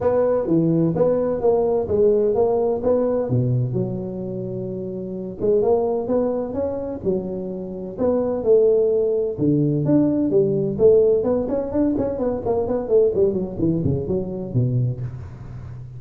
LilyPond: \new Staff \with { instrumentName = "tuba" } { \time 4/4 \tempo 4 = 128 b4 e4 b4 ais4 | gis4 ais4 b4 b,4 | fis2.~ fis8 gis8 | ais4 b4 cis'4 fis4~ |
fis4 b4 a2 | d4 d'4 g4 a4 | b8 cis'8 d'8 cis'8 b8 ais8 b8 a8 | g8 fis8 e8 cis8 fis4 b,4 | }